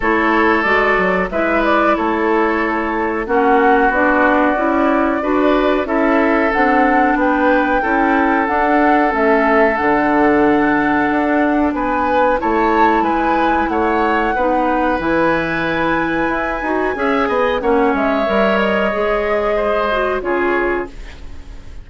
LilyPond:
<<
  \new Staff \with { instrumentName = "flute" } { \time 4/4 \tempo 4 = 92 cis''4 d''4 e''8 d''8 cis''4~ | cis''4 fis''4 d''2~ | d''4 e''4 fis''4 g''4~ | g''4 fis''4 e''4 fis''4~ |
fis''2 gis''4 a''4 | gis''4 fis''2 gis''4~ | gis''2. fis''8 e''8~ | e''8 dis''2~ dis''8 cis''4 | }
  \new Staff \with { instrumentName = "oboe" } { \time 4/4 a'2 b'4 a'4~ | a'4 fis'2. | b'4 a'2 b'4 | a'1~ |
a'2 b'4 cis''4 | b'4 cis''4 b'2~ | b'2 e''8 dis''8 cis''4~ | cis''2 c''4 gis'4 | }
  \new Staff \with { instrumentName = "clarinet" } { \time 4/4 e'4 fis'4 e'2~ | e'4 cis'4 d'4 e'4 | fis'4 e'4 d'2 | e'4 d'4 cis'4 d'4~ |
d'2. e'4~ | e'2 dis'4 e'4~ | e'4. fis'8 gis'4 cis'4 | ais'4 gis'4. fis'8 f'4 | }
  \new Staff \with { instrumentName = "bassoon" } { \time 4/4 a4 gis8 fis8 gis4 a4~ | a4 ais4 b4 cis'4 | d'4 cis'4 c'4 b4 | cis'4 d'4 a4 d4~ |
d4 d'4 b4 a4 | gis4 a4 b4 e4~ | e4 e'8 dis'8 cis'8 b8 ais8 gis8 | g4 gis2 cis4 | }
>>